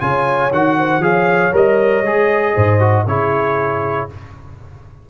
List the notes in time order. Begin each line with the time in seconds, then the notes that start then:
0.00 C#3 F4 C#5 G#5
0.52 D#3 F#4 F#5
0.78 C5
0.99 F3 G#4 C#5 F5
1.52 G3 A#4 D#5
2.02 G#3 G#4
2.55 G#2 C5
2.80 F#4
3.07 C#3 E4 G#4 C#5